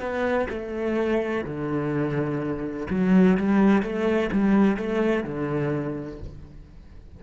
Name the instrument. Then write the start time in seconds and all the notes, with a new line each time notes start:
cello
0.00 B3
0.50 A3
1.44 D3
2.90 F#3
3.37 G3
3.82 A3
4.32 G3
4.77 A3
5.24 D3